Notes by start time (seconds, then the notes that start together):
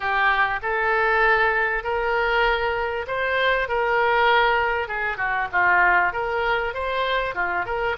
0.00 G4
0.62 A4
1.83 A#4
3.07 C5
3.68 A#4
4.88 G#4
5.17 F#4
5.52 F4
6.13 A#4
6.73 C5
7.35 F4
7.65 A#4